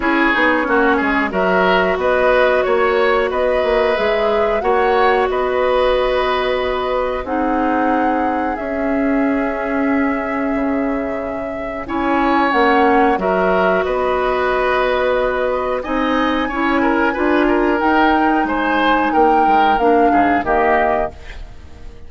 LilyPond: <<
  \new Staff \with { instrumentName = "flute" } { \time 4/4 \tempo 4 = 91 cis''2 e''4 dis''4 | cis''4 dis''4 e''4 fis''4 | dis''2. fis''4~ | fis''4 e''2.~ |
e''2 gis''4 fis''4 | e''4 dis''2. | gis''2. g''4 | gis''4 g''4 f''4 dis''4 | }
  \new Staff \with { instrumentName = "oboe" } { \time 4/4 gis'4 fis'8 gis'8 ais'4 b'4 | cis''4 b'2 cis''4 | b'2. gis'4~ | gis'1~ |
gis'2 cis''2 | ais'4 b'2. | dis''4 cis''8 ais'8 b'8 ais'4. | c''4 ais'4. gis'8 g'4 | }
  \new Staff \with { instrumentName = "clarinet" } { \time 4/4 e'8 dis'8 cis'4 fis'2~ | fis'2 gis'4 fis'4~ | fis'2. dis'4~ | dis'4 cis'2.~ |
cis'2 e'4 cis'4 | fis'1 | dis'4 e'4 f'4 dis'4~ | dis'2 d'4 ais4 | }
  \new Staff \with { instrumentName = "bassoon" } { \time 4/4 cis'8 b8 ais8 gis8 fis4 b4 | ais4 b8 ais8 gis4 ais4 | b2. c'4~ | c'4 cis'2. |
cis2 cis'4 ais4 | fis4 b2. | c'4 cis'4 d'4 dis'4 | gis4 ais8 gis8 ais8 gis,8 dis4 | }
>>